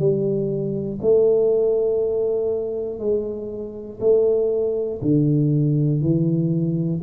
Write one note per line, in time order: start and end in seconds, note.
0.00 1.00 G3
1.02 3.00 A3
3.00 4.00 G#3
4.00 5.00 A3
5.02 6.01 D3
6.01 7.01 E3